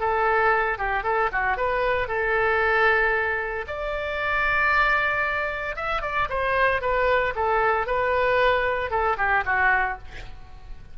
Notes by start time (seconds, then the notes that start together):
0.00 A4
0.78 G4
1.04 A4
1.33 F#4
1.57 B4
2.08 A4
3.67 D5
5.76 E5
6.02 D5
6.30 C5
6.82 B4
7.36 A4
7.87 B4
8.91 A4
9.18 G4
9.46 F#4